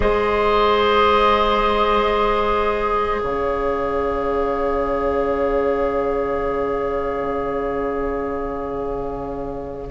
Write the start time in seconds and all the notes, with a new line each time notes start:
0.00 G#3 G#4 C5 D#5
3.19 C#3 C#5 F5